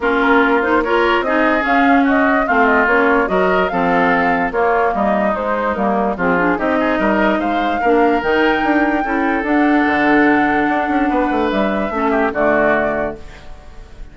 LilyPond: <<
  \new Staff \with { instrumentName = "flute" } { \time 4/4 \tempo 4 = 146 ais'4. c''8 cis''4 dis''4 | f''4 dis''4 f''8 dis''8 cis''4 | dis''4 f''2 cis''4 | dis''4 c''4 ais'4 gis'4 |
dis''2 f''2 | g''2. fis''4~ | fis''1 | e''2 d''2 | }
  \new Staff \with { instrumentName = "oboe" } { \time 4/4 f'2 ais'4 gis'4~ | gis'4 fis'4 f'2 | ais'4 a'2 f'4 | dis'2. f'4 |
g'8 gis'8 ais'4 c''4 ais'4~ | ais'2 a'2~ | a'2. b'4~ | b'4 a'8 g'8 fis'2 | }
  \new Staff \with { instrumentName = "clarinet" } { \time 4/4 cis'4. dis'8 f'4 dis'4 | cis'2 c'4 cis'4 | fis'4 c'2 ais4~ | ais4 gis4 ais4 c'8 d'8 |
dis'2. d'4 | dis'2 e'4 d'4~ | d'1~ | d'4 cis'4 a2 | }
  \new Staff \with { instrumentName = "bassoon" } { \time 4/4 ais2. c'4 | cis'2 a4 ais4 | fis4 f2 ais4 | g4 gis4 g4 f4 |
c'4 g4 gis4 ais4 | dis4 d'4 cis'4 d'4 | d2 d'8 cis'8 b8 a8 | g4 a4 d2 | }
>>